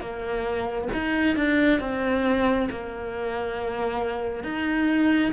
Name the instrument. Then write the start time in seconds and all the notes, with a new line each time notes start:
cello
0.00 A#3
0.93 D#4
1.36 D4
1.80 C4
2.70 A#3
4.43 D#4